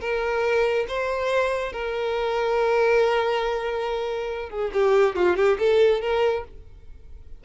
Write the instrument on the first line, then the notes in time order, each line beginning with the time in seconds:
violin
0.00 A#4
0.88 C5
1.72 A#4
4.49 G#4
4.73 G4
5.15 F4
5.36 G4
5.59 A4
6.01 A#4